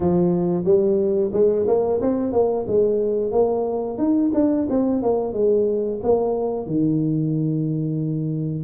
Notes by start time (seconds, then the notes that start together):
0.00 F3
0.64 G3
1.32 G#3
1.67 A#3
2.01 C4
2.32 A#3
2.67 G#3
3.32 A#3
3.98 D#4
4.34 D4
4.69 C4
5.02 A#3
5.33 G#3
6.02 A#3
6.66 D#3